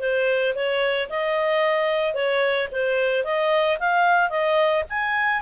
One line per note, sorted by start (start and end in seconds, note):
0.00 0.54 C5
0.55 1.09 C#5
1.09 2.14 D#5
2.14 2.68 C#5
2.72 3.24 C5
3.24 3.78 D#5
3.80 4.30 F5
4.30 4.84 D#5
4.89 5.42 G#5